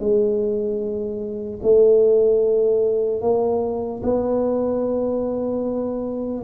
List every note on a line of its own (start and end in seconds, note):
0.00 1.60 G#3
1.63 3.22 A3
3.22 4.02 A#3
4.04 6.44 B3